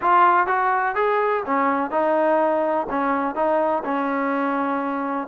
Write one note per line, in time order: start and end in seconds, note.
0.01 0.47 F4
0.47 0.95 F#4
0.95 1.43 G#4
1.46 1.90 C#4
1.90 2.86 D#4
2.89 3.35 C#4
3.35 3.83 D#4
3.84 5.27 C#4